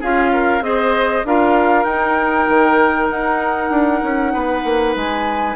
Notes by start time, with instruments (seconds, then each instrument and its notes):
0.00 bassoon C#4, clarinet F4, oboe G#4, flute F5
0.32 oboe A#4
0.61 bassoon C4, clarinet G#4, oboe C5, flute D#5
1.24 bassoon D4, clarinet F4, oboe A#4, flute F5
1.83 bassoon D#4, clarinet D#4, flute G5
2.48 bassoon D#3
3.09 bassoon D#4, flute F#5
3.70 bassoon D4
4.03 bassoon C#4
4.33 bassoon B3, oboe B4
4.64 bassoon A#3
4.95 bassoon G#3, flute G#5